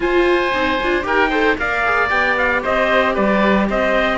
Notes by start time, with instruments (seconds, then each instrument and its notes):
0.00 cello F4, viola F4, oboe C5, trumpet G#5
0.53 cello C4, viola D#4
0.83 cello D4, viola F4
1.02 cello D#4, viola G4, oboe A#4, trumpet G5
1.29 viola A4, oboe C5
1.58 cello A#3, viola A#4, oboe D5, trumpet F5
1.84 viola G#4
2.08 cello B3, viola G4, trumpet G5
2.37 trumpet F5
2.62 cello C4, oboe C5, trumpet D#5
3.14 cello G3, oboe B4, trumpet D5
3.69 cello C4, oboe C5, trumpet D#5